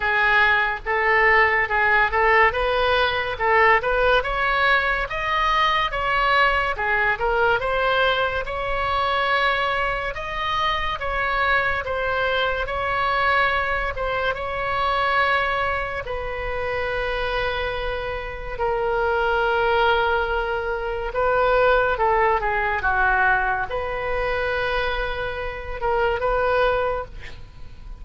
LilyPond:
\new Staff \with { instrumentName = "oboe" } { \time 4/4 \tempo 4 = 71 gis'4 a'4 gis'8 a'8 b'4 | a'8 b'8 cis''4 dis''4 cis''4 | gis'8 ais'8 c''4 cis''2 | dis''4 cis''4 c''4 cis''4~ |
cis''8 c''8 cis''2 b'4~ | b'2 ais'2~ | ais'4 b'4 a'8 gis'8 fis'4 | b'2~ b'8 ais'8 b'4 | }